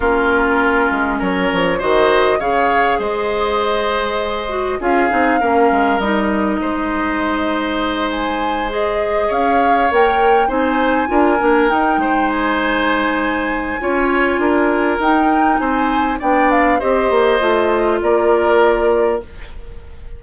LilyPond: <<
  \new Staff \with { instrumentName = "flute" } { \time 4/4 \tempo 4 = 100 ais'2 cis''4 dis''4 | f''4 dis''2. | f''2 dis''2~ | dis''4. gis''4 dis''4 f''8~ |
f''8 g''4 gis''2 g''8~ | g''8 gis''2.~ gis''8~ | gis''4 g''4 gis''4 g''8 f''8 | dis''2 d''2 | }
  \new Staff \with { instrumentName = "oboe" } { \time 4/4 f'2 ais'4 c''4 | cis''4 c''2. | gis'4 ais'2 c''4~ | c''2.~ c''8 cis''8~ |
cis''4. c''4 ais'4. | c''2. cis''4 | ais'2 c''4 d''4 | c''2 ais'2 | }
  \new Staff \with { instrumentName = "clarinet" } { \time 4/4 cis'2. fis'4 | gis'2.~ gis'8 fis'8 | f'8 dis'8 cis'4 dis'2~ | dis'2~ dis'8 gis'4.~ |
gis'8 ais'4 dis'4 f'8 d'8 dis'8~ | dis'2. f'4~ | f'4 dis'2 d'4 | g'4 f'2. | }
  \new Staff \with { instrumentName = "bassoon" } { \time 4/4 ais4. gis8 fis8 f8 dis4 | cis4 gis2. | cis'8 c'8 ais8 gis8 g4 gis4~ | gis2.~ gis8 cis'8~ |
cis'8 ais4 c'4 d'8 ais8 dis'8 | gis2. cis'4 | d'4 dis'4 c'4 b4 | c'8 ais8 a4 ais2 | }
>>